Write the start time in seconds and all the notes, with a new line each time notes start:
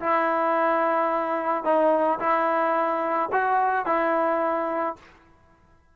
0.00 E4
1.64 D#4
2.19 E4
3.32 F#4
3.86 E4